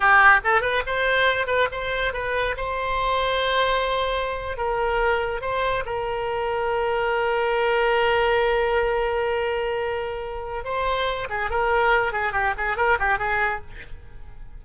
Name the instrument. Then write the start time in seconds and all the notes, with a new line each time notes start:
oboe
0.00 G4
0.44 A4
0.61 B4
0.86 C5
1.46 B4
1.71 C5
2.13 B4
2.56 C5
4.57 A#4
5.41 C5
5.85 A#4
10.64 C5
11.29 G#4
11.50 A#4
12.12 G#4
12.32 G4
12.57 G#4
12.76 A#4
12.99 G4
13.18 G#4